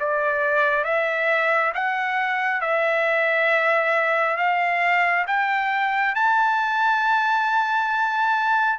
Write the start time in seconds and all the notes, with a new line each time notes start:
0.00 D5
0.85 E5
1.74 F#5
2.61 E5
4.38 F5
5.27 G5
6.15 A5